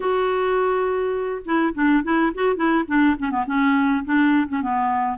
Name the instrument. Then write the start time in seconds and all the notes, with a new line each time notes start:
clarinet
0.00 F#4
1.45 E4
1.74 D4
2.03 E4
2.34 F#4
2.56 E4
2.87 D4
3.19 C#4
3.30 B3
3.46 C#4
4.04 D4
4.48 C#4
4.62 B3